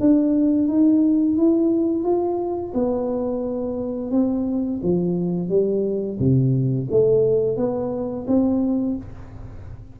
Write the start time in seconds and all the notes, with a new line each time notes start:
0.00 D4
0.68 D#4
1.37 E4
2.04 F4
2.74 B3
4.11 C4
4.83 F3
5.49 G3
6.19 C3
6.91 A3
7.57 B3
8.27 C4